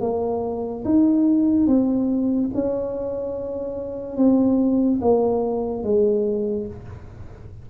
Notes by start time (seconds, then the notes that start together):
0.00 A#3
0.84 D#4
1.67 C4
2.54 C#4
4.16 C4
5.01 A#3
5.83 G#3